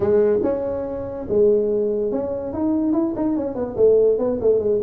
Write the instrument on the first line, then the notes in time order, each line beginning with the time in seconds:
tuba
0.00 G#3
0.43 C#4
1.28 G#3
2.11 C#4
2.53 D#4
2.92 E4
3.16 D#4
3.36 C#4
3.55 B3
3.76 A3
4.18 B3
4.40 A3
4.59 G#3